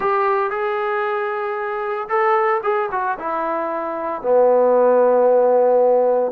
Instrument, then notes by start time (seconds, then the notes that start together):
trombone
0.00 G4
0.50 G#4
2.08 A4
2.63 G#4
2.91 F#4
3.18 E4
4.22 B3